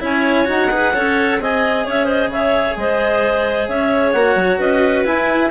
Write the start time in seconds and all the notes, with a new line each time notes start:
0.00 C#4 E4 C#5 G#5
0.46 D#4 F#4 F#5
0.71 G#4 B4
0.94 C#4 A4 C#5
1.40 C4 G#4 D#5 G#5
1.86 C#4 C#5 E5
2.06 C5 D#5
2.27 C#3 C#5 E5
2.77 G#3 C5 D#5
3.69 C#4 C#5 E5
4.12 A#3 F#4 F#5
4.36 F#3
4.59 C#4 B4 D#5
5.05 E4 G#5